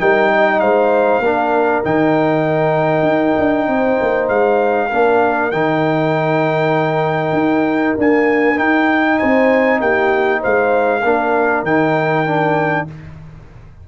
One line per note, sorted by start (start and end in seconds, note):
0.00 0.62 G3
0.00 1.22 D#4
0.00 0.31 A#4
0.00 0.60 G5
0.32 0.62 D#5
0.60 1.19 G#3
0.60 1.23 C5
0.60 1.82 F5
1.19 1.80 A#3
1.19 1.84 D4
1.19 3.68 A#4
1.84 3.03 D#3
1.84 4.90 D#4
1.84 4.28 G5
3.03 3.33 D#4
3.38 3.68 D4
3.68 3.98 C4
3.68 4.89 C5
4.01 4.29 A#3
4.28 4.90 G#3
4.28 5.51 F5
4.89 5.52 A#3
4.89 5.52 D4
4.89 9.17 A#4
5.51 7.33 D#3
5.51 7.98 D#4
5.51 7.96 G5
7.33 7.94 D#4
7.98 8.56 A#3
7.98 8.59 D4
7.98 8.58 G#5
8.56 11.01 D#4
8.56 9.20 D#4
8.56 9.19 G5
9.19 9.81 C4
9.19 9.80 C5
9.19 9.80 G#5
9.80 10.42 A#3
9.80 10.40 G4
9.80 10.42 G5
10.40 11.04 G#3
10.40 11.01 C5
10.40 11.65 F5
11.04 11.63 A#3
11.04 11.66 D4
11.04 12.88 A#4
11.63 12.85 D#3
11.63 12.26 D#4
11.63 12.87 G5
12.26 12.87 D4